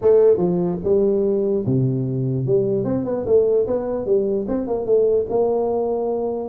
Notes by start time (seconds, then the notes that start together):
0.01 A3
0.37 F3
0.83 G3
1.66 C3
2.45 G3
2.84 C4
3.05 B3
3.25 A3
3.67 B3
4.05 G3
4.48 C4
4.67 A#3
4.85 A3
5.29 A#3